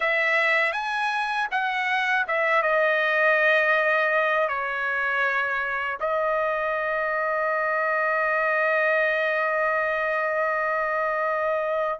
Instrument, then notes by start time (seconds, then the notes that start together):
trumpet
0.00 E5
0.72 G#5
1.51 F#5
2.27 E5
2.62 D#5
4.48 C#5
6.00 D#5